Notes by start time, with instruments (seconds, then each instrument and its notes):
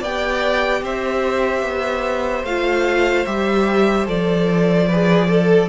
0.00 cello B3, viola G4, violin D5 G5
0.82 cello C4, violin C5 E5
1.63 cello B3
2.44 cello A3, viola F4, violin F5
3.26 cello G3, viola G4, violin E5
4.06 cello F3, viola A4, violin D5
4.87 viola G#4, violin B4
5.29 violin A4, viola A4